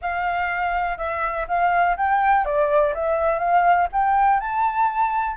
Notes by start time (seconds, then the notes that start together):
0.01 F5
0.97 E5
1.47 F5
1.96 G5
2.45 D5
2.94 E5
3.38 F5
3.92 G5
4.39 A5